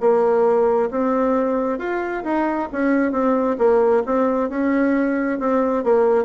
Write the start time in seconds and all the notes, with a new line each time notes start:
0.00 A#3
0.91 C4
1.79 F4
2.24 D#4
2.72 C#4
3.12 C4
3.58 A#3
4.06 C4
4.49 C#4
5.39 C4
5.84 A#3